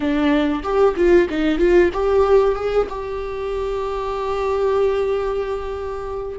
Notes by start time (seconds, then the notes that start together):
0.00 D4
0.63 G4
0.96 F4
1.29 D#4
1.58 F4
1.93 G4
2.55 G#4
2.89 G4